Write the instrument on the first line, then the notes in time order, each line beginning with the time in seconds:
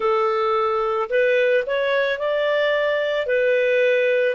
clarinet
0.00 A4
1.09 B4
1.66 C#5
2.18 D5
3.26 B4